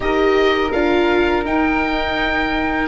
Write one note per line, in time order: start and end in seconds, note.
0.00 0.70 D#4
0.00 0.70 G4
0.00 2.87 A#4
0.00 0.71 D#5
0.71 1.44 D4
0.71 1.45 F4
0.71 1.44 F5
1.44 2.87 D#4
1.44 2.87 G5